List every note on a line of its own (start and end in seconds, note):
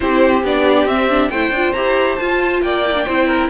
0.00 0.43 C4
0.00 0.43 E4
0.00 1.30 G4
0.00 0.43 C5
0.43 0.84 B3
0.43 0.88 D4
0.43 0.87 D5
0.84 1.28 C4
0.84 1.09 C4
0.84 1.30 E5
1.09 1.31 D4
1.30 1.50 A3
1.30 1.55 E4
1.30 2.61 C5
1.30 1.72 G5
1.50 1.72 D4
1.50 1.75 F4
1.72 2.19 E4
1.72 2.19 G4
1.72 2.16 A#5
2.16 2.84 F4
2.16 2.61 F4
2.16 2.60 A5
2.61 3.05 A#3
2.61 3.06 D5
2.61 3.49 G5
2.86 2.94 E4
2.94 3.05 D4
3.06 3.49 C4
3.06 3.49 E4
3.06 3.27 C5
3.27 3.49 A#4